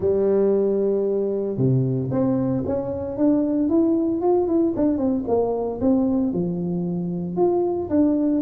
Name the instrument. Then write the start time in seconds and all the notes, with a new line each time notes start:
tuba
0.00 G3
1.57 C3
2.11 C4
2.66 C#4
3.17 D4
3.68 E4
4.21 F4
4.47 E4
4.75 D4
4.97 C4
5.27 A#3
5.80 C4
6.32 F3
7.36 F4
7.89 D4